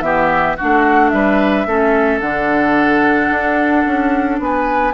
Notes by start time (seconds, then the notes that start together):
0.00 E3 B3 G4 E5
0.56 D4 F#4 F#5
0.62 A3
1.09 G3 B4 E5
1.66 A3 C#4 A4
2.20 D3 D4 F#5
3.30 D4
3.86 C#4
4.39 B3 B4 G#5